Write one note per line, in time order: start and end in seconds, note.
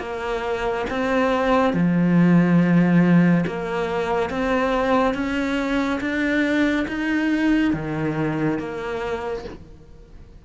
0.00 0.86 A#3
0.90 1.73 C4
1.73 3.45 F3
3.47 4.30 A#3
4.30 5.14 C4
5.14 6.00 C#4
6.01 6.86 D4
6.88 7.73 D#4
7.73 8.59 D#3
8.59 9.45 A#3